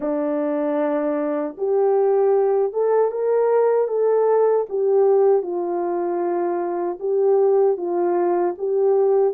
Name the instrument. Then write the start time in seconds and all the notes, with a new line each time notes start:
horn
0.00 D4
1.57 G4
2.72 A4
3.11 A#4
3.87 A4
4.69 G4
5.42 F4
6.99 G4
7.77 F4
8.58 G4